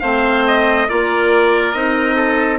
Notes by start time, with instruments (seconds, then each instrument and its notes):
0.00 bassoon A3, clarinet C4, oboe C5, trumpet F5
0.47 trumpet D#5
0.89 bassoon A#3, clarinet F4, oboe A#4, trumpet D5
1.72 bassoon C4, clarinet D#4, trumpet D#5
2.16 oboe A4